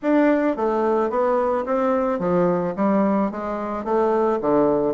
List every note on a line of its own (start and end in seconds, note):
0.02 0.56 D4
0.56 1.09 A3
1.09 1.64 B3
1.65 2.19 C4
2.19 2.74 F3
2.76 3.31 G3
3.31 3.84 G#3
3.84 4.39 A3
4.41 4.94 D3